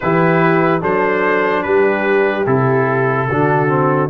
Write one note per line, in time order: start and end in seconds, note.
0.00 0.82 E3
0.00 0.80 E4
0.00 0.81 G4
0.00 0.82 B4
0.80 1.64 F#3
0.80 2.45 D4
0.80 1.63 A4
0.80 1.62 C5
1.62 2.46 G3
1.62 3.29 G4
1.62 2.45 B4
2.46 3.28 C3
2.46 3.28 E4
2.46 4.09 A4
3.29 4.09 D3
3.29 3.68 D4
3.29 4.09 F#4
3.68 4.09 C4